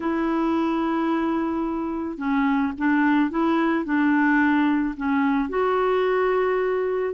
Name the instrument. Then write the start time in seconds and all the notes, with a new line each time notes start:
clarinet
0.00 E4
2.17 C#4
2.78 D4
3.30 E4
3.84 D4
4.96 C#4
5.49 F#4